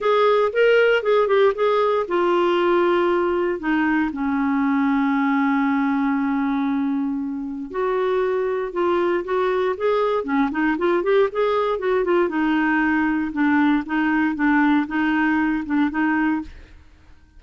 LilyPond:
\new Staff \with { instrumentName = "clarinet" } { \time 4/4 \tempo 4 = 117 gis'4 ais'4 gis'8 g'8 gis'4 | f'2. dis'4 | cis'1~ | cis'2. fis'4~ |
fis'4 f'4 fis'4 gis'4 | cis'8 dis'8 f'8 g'8 gis'4 fis'8 f'8 | dis'2 d'4 dis'4 | d'4 dis'4. d'8 dis'4 | }